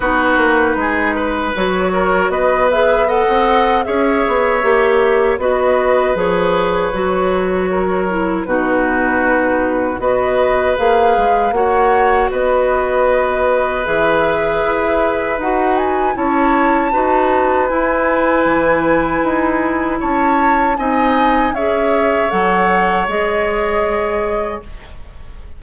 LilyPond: <<
  \new Staff \with { instrumentName = "flute" } { \time 4/4 \tempo 4 = 78 b'2 cis''4 dis''8 e''8 | fis''4 e''2 dis''4 | cis''2. b'4~ | b'4 dis''4 f''4 fis''4 |
dis''2 e''2 | fis''8 gis''8 a''2 gis''4~ | gis''2 a''4 gis''4 | e''4 fis''4 dis''2 | }
  \new Staff \with { instrumentName = "oboe" } { \time 4/4 fis'4 gis'8 b'4 ais'8 b'4 | dis''4 cis''2 b'4~ | b'2 ais'4 fis'4~ | fis'4 b'2 cis''4 |
b'1~ | b'4 cis''4 b'2~ | b'2 cis''4 dis''4 | cis''1 | }
  \new Staff \with { instrumentName = "clarinet" } { \time 4/4 dis'2 fis'4. gis'8 | a'4 gis'4 g'4 fis'4 | gis'4 fis'4. e'8 dis'4~ | dis'4 fis'4 gis'4 fis'4~ |
fis'2 gis'2 | fis'4 e'4 fis'4 e'4~ | e'2. dis'4 | gis'4 a'4 gis'2 | }
  \new Staff \with { instrumentName = "bassoon" } { \time 4/4 b8 ais8 gis4 fis4 b4~ | b16 c'8. cis'8 b8 ais4 b4 | f4 fis2 b,4~ | b,4 b4 ais8 gis8 ais4 |
b2 e4 e'4 | dis'4 cis'4 dis'4 e'4 | e4 dis'4 cis'4 c'4 | cis'4 fis4 gis2 | }
>>